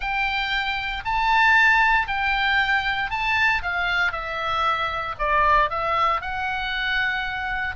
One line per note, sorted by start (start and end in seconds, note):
0.00 1.03 G5
1.04 2.07 A5
2.07 3.10 G5
3.10 3.62 A5
3.62 4.11 F5
4.11 5.15 E5
5.18 5.70 D5
5.70 6.21 E5
6.21 7.75 F#5